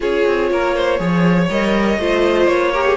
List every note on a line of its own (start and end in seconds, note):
0.00 0.25 C#4
0.00 0.97 F4
0.00 0.50 G#4
0.00 1.50 C#5
0.26 0.51 C4
0.51 0.99 A#3
0.51 0.75 A#4
0.75 1.00 C5
0.97 1.49 F3
0.97 1.47 G#4
0.97 2.00 C#5
1.50 1.98 G3
1.50 1.99 A#4
1.50 2.47 D#5
1.98 2.47 A3
1.98 2.73 F4
1.98 2.71 C5
2.47 2.96 A#3
2.47 2.96 C#5
2.71 2.96 G4
2.71 2.84 A#4
2.85 2.96 G#4